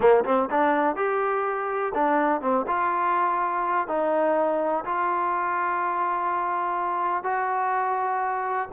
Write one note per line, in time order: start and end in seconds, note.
0.00 0.24 A#3
0.24 0.49 C4
0.50 0.96 D4
0.96 1.92 G4
1.94 2.41 D4
2.41 2.65 C4
2.67 3.87 F4
3.87 4.84 D#4
4.84 7.23 F4
7.23 8.68 F#4